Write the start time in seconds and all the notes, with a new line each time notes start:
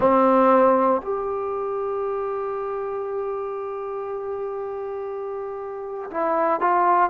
0.00 C4
1.01 G4
6.11 E4
6.60 F4